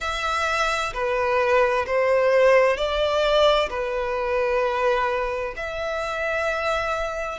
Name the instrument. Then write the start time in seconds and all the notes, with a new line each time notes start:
violin
0.00 E5
0.93 B4
1.86 C5
2.77 D5
3.69 B4
5.56 E5